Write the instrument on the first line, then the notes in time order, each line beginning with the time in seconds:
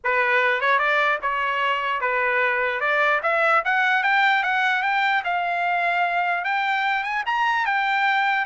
trumpet
0.04 B4
0.60 C#5
0.78 D5
1.22 C#5
2.00 B4
2.80 D5
3.23 E5
3.64 F#5
4.03 G5
4.43 F#5
4.82 G5
5.24 F5
6.44 G5
7.03 G#5
7.26 A#5
7.65 G5